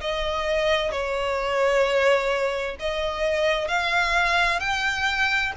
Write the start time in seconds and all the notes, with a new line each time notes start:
0.00 D#5
0.91 C#5
2.79 D#5
3.68 F5
4.59 G5